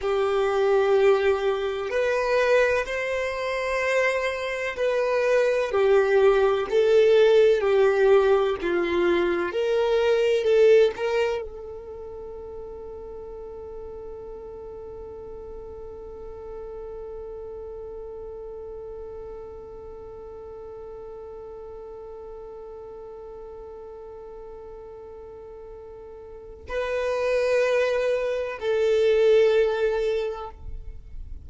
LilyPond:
\new Staff \with { instrumentName = "violin" } { \time 4/4 \tempo 4 = 63 g'2 b'4 c''4~ | c''4 b'4 g'4 a'4 | g'4 f'4 ais'4 a'8 ais'8 | a'1~ |
a'1~ | a'1~ | a'1 | b'2 a'2 | }